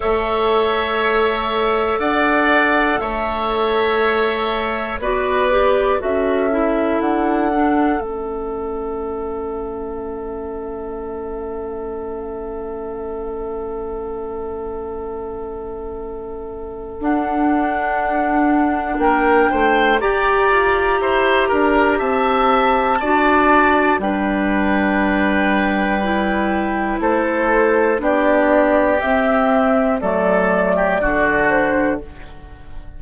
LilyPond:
<<
  \new Staff \with { instrumentName = "flute" } { \time 4/4 \tempo 4 = 60 e''2 fis''4 e''4~ | e''4 d''4 e''4 fis''4 | e''1~ | e''1~ |
e''4 fis''2 g''4 | ais''2 a''2 | g''2. c''4 | d''4 e''4 d''4. c''8 | }
  \new Staff \with { instrumentName = "oboe" } { \time 4/4 cis''2 d''4 cis''4~ | cis''4 b'4 a'2~ | a'1~ | a'1~ |
a'2. ais'8 c''8 | d''4 c''8 ais'8 e''4 d''4 | b'2. a'4 | g'2 a'8. g'16 fis'4 | }
  \new Staff \with { instrumentName = "clarinet" } { \time 4/4 a'1~ | a'4 fis'8 g'8 fis'8 e'4 d'8 | cis'1~ | cis'1~ |
cis'4 d'2. | g'2. fis'4 | d'2 e'2 | d'4 c'4 a4 d'4 | }
  \new Staff \with { instrumentName = "bassoon" } { \time 4/4 a2 d'4 a4~ | a4 b4 cis'4 d'4 | a1~ | a1~ |
a4 d'2 ais8 a8 | g'8 f'8 e'8 d'8 c'4 d'4 | g2. a4 | b4 c'4 fis4 d4 | }
>>